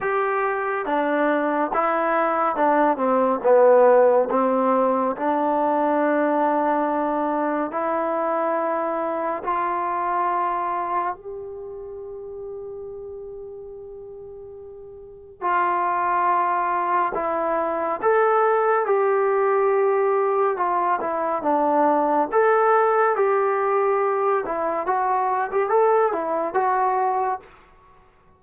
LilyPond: \new Staff \with { instrumentName = "trombone" } { \time 4/4 \tempo 4 = 70 g'4 d'4 e'4 d'8 c'8 | b4 c'4 d'2~ | d'4 e'2 f'4~ | f'4 g'2.~ |
g'2 f'2 | e'4 a'4 g'2 | f'8 e'8 d'4 a'4 g'4~ | g'8 e'8 fis'8. g'16 a'8 e'8 fis'4 | }